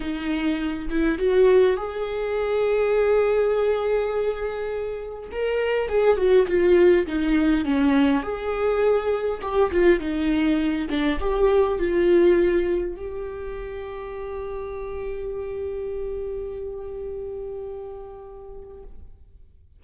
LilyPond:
\new Staff \with { instrumentName = "viola" } { \time 4/4 \tempo 4 = 102 dis'4. e'8 fis'4 gis'4~ | gis'1~ | gis'4 ais'4 gis'8 fis'8 f'4 | dis'4 cis'4 gis'2 |
g'8 f'8 dis'4. d'8 g'4 | f'2 g'2~ | g'1~ | g'1 | }